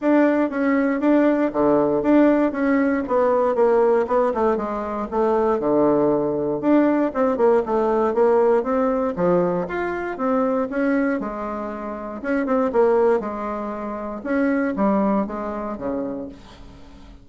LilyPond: \new Staff \with { instrumentName = "bassoon" } { \time 4/4 \tempo 4 = 118 d'4 cis'4 d'4 d4 | d'4 cis'4 b4 ais4 | b8 a8 gis4 a4 d4~ | d4 d'4 c'8 ais8 a4 |
ais4 c'4 f4 f'4 | c'4 cis'4 gis2 | cis'8 c'8 ais4 gis2 | cis'4 g4 gis4 cis4 | }